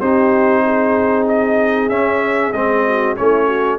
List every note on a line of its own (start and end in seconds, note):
0.00 1.90 C4
0.00 1.91 D#4
0.00 0.63 G4
0.00 1.27 C5
0.65 2.86 G#4
1.28 1.90 D#5
1.90 2.53 C#4
1.90 2.54 C#4
1.90 2.53 E5
2.53 3.16 G#3
2.53 3.17 C4
2.53 3.16 D#5
2.86 3.18 F#4
3.17 3.79 A3
3.17 3.79 C#4
3.17 3.47 E4
3.17 3.79 C#5
3.47 3.79 F#4